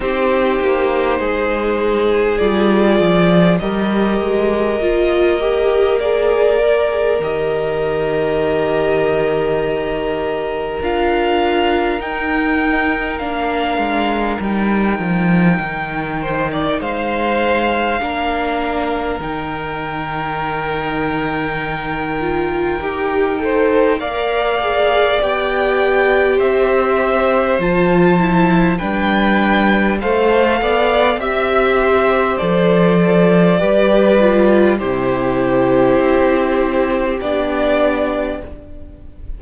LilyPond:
<<
  \new Staff \with { instrumentName = "violin" } { \time 4/4 \tempo 4 = 50 c''2 d''4 dis''4~ | dis''4 d''4 dis''2~ | dis''4 f''4 g''4 f''4 | g''2 f''2 |
g''1 | f''4 g''4 e''4 a''4 | g''4 f''4 e''4 d''4~ | d''4 c''2 d''4 | }
  \new Staff \with { instrumentName = "violin" } { \time 4/4 g'4 gis'2 ais'4~ | ais'1~ | ais'1~ | ais'4. c''16 d''16 c''4 ais'4~ |
ais'2.~ ais'8 c''8 | d''2 c''2 | b'4 c''8 d''8 e''8 c''4. | b'4 g'2. | }
  \new Staff \with { instrumentName = "viola" } { \time 4/4 dis'2 f'4 g'4 | f'8 g'8 gis'8 ais'16 gis'16 g'2~ | g'4 f'4 dis'4 d'4 | dis'2. d'4 |
dis'2~ dis'8 f'8 g'8 a'8 | ais'8 gis'8 g'2 f'8 e'8 | d'4 a'4 g'4 a'4 | g'8 f'8 e'2 d'4 | }
  \new Staff \with { instrumentName = "cello" } { \time 4/4 c'8 ais8 gis4 g8 f8 g8 gis8 | ais2 dis2~ | dis4 d'4 dis'4 ais8 gis8 | g8 f8 dis4 gis4 ais4 |
dis2. dis'4 | ais4 b4 c'4 f4 | g4 a8 b8 c'4 f4 | g4 c4 c'4 b4 | }
>>